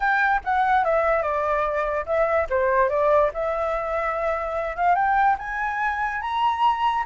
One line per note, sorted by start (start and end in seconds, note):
0.00 0.41 G5
0.44 0.84 F#5
0.84 1.22 E5
1.22 2.05 D5
2.06 2.47 E5
2.49 2.89 C5
2.89 3.30 D5
3.33 4.76 E5
4.76 4.95 F5
4.95 5.36 G5
5.38 6.21 G#5
6.21 7.03 A#5